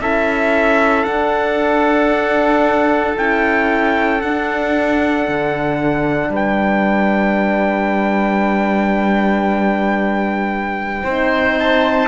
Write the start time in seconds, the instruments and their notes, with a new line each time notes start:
0.00 cello C#4, horn E4, oboe A4, trumpet E5
1.04 horn D4, cello D4, trumpet F#5
3.16 cello C#4, horn E4, trumpet G5
4.21 cello D4, horn D4, trumpet F#5
5.28 cello D3
6.29 cello G3, oboe B4, trumpet G5
11.03 cello C4, horn D#4, oboe C5
11.59 trumpet A5